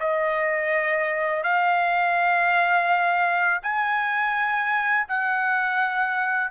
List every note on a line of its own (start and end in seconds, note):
0.00 1.44 D#5
1.44 3.61 F5
3.63 5.07 G#5
5.09 6.51 F#5